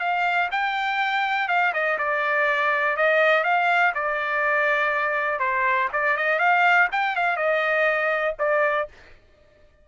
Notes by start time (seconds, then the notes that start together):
0.00 F5
0.51 G5
1.48 F5
1.74 D#5
1.99 D5
2.97 D#5
3.44 F5
3.95 D5
5.40 C5
5.93 D5
6.17 D#5
6.39 F5
6.92 G5
7.16 F5
7.37 D#5
8.39 D5